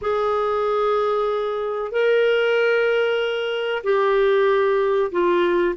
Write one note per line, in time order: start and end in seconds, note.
0.01 1.91 G#4
1.91 3.83 A#4
3.83 5.11 G4
5.11 5.75 F4